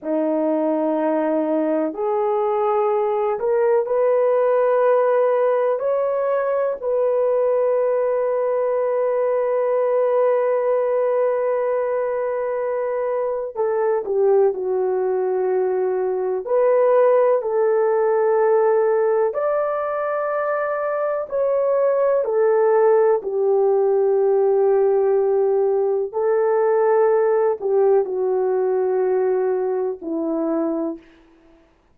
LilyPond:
\new Staff \with { instrumentName = "horn" } { \time 4/4 \tempo 4 = 62 dis'2 gis'4. ais'8 | b'2 cis''4 b'4~ | b'1~ | b'2 a'8 g'8 fis'4~ |
fis'4 b'4 a'2 | d''2 cis''4 a'4 | g'2. a'4~ | a'8 g'8 fis'2 e'4 | }